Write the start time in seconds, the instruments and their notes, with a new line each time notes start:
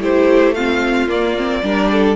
0.00 cello A3, viola E4, violin G4 C5
0.55 viola C4, violin F4 F5
1.08 cello A#3, viola A#3, violin D5
1.38 viola C4
1.63 cello G3, viola D4, violin A#4
1.92 violin A4